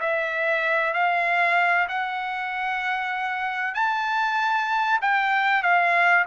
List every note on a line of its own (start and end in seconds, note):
0.00 0.94 E5
0.94 1.88 F5
1.89 3.75 F#5
3.75 5.00 A5
5.02 5.63 G5
5.63 6.25 F5